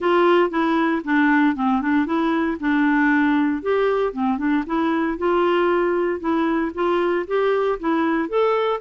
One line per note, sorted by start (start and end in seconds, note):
0.00 0.50 F4
0.50 1.02 E4
1.04 1.55 D4
1.55 1.81 C4
1.81 2.05 D4
2.05 2.57 E4
2.60 3.62 D4
3.62 4.12 G4
4.12 4.38 C4
4.38 4.63 D4
4.66 5.17 E4
5.18 6.20 F4
6.20 6.71 E4
6.74 7.26 F4
7.27 7.78 G4
7.79 8.29 E4
8.29 8.80 A4